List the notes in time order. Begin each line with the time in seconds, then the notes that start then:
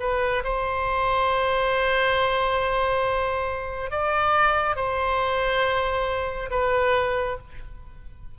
0.00 B4
0.44 C5
3.91 D5
4.76 C5
6.51 B4